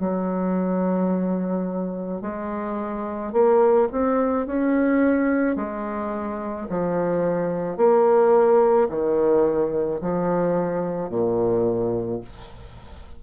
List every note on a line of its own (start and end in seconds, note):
0.00 2.22 F#3
2.22 3.33 G#3
3.33 3.88 A#3
3.92 4.47 C4
4.47 5.56 C#4
5.56 6.67 G#3
6.70 7.77 F3
7.77 8.88 A#3
8.89 10.01 D#3
10.02 11.10 F3
11.10 12.21 A#2